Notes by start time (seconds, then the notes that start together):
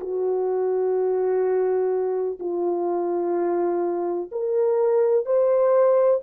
0.00 F#4
2.39 F4
4.31 A#4
5.26 C5